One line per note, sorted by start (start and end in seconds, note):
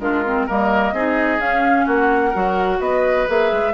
0.00 0.47 G#3
0.00 0.25 D4
0.00 0.47 F4
0.00 0.47 A#4
0.25 0.48 C4
0.47 0.93 G3
0.47 0.95 A#3
0.47 0.94 A#4
0.47 1.41 D#5
0.93 1.39 C4
0.93 1.39 D#4
0.93 1.86 G#4
1.39 2.33 C#4
1.39 1.86 C#4
1.39 1.88 F5
1.86 2.34 A#3
1.86 2.30 F#4
1.86 2.81 F#5
2.30 2.80 F#3
2.30 3.28 F#4
2.30 2.77 A#4
2.80 3.27 B3
2.80 3.74 B4
2.80 3.28 D#5
3.28 3.52 A#3
3.28 3.74 G#4
3.28 3.74 E5
3.52 3.74 G#3